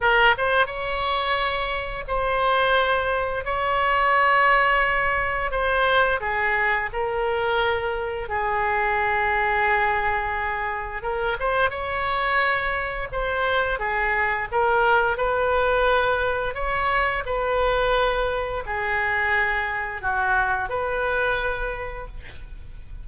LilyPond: \new Staff \with { instrumentName = "oboe" } { \time 4/4 \tempo 4 = 87 ais'8 c''8 cis''2 c''4~ | c''4 cis''2. | c''4 gis'4 ais'2 | gis'1 |
ais'8 c''8 cis''2 c''4 | gis'4 ais'4 b'2 | cis''4 b'2 gis'4~ | gis'4 fis'4 b'2 | }